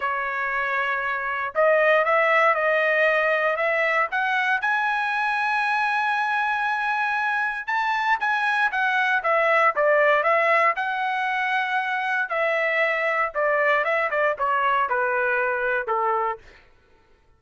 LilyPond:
\new Staff \with { instrumentName = "trumpet" } { \time 4/4 \tempo 4 = 117 cis''2. dis''4 | e''4 dis''2 e''4 | fis''4 gis''2.~ | gis''2. a''4 |
gis''4 fis''4 e''4 d''4 | e''4 fis''2. | e''2 d''4 e''8 d''8 | cis''4 b'2 a'4 | }